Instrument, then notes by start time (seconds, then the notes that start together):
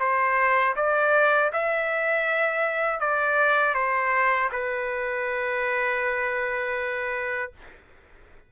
trumpet
0.00 C5
0.76 D5
1.53 E5
3.00 D5
3.75 C5
4.52 B4